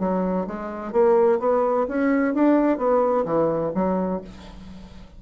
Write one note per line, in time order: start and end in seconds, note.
0.00 0.47 F#3
0.47 0.92 G#3
0.92 1.39 A#3
1.40 1.87 B3
1.89 2.35 C#4
2.35 2.78 D4
2.78 3.25 B3
3.26 3.72 E3
3.75 4.22 F#3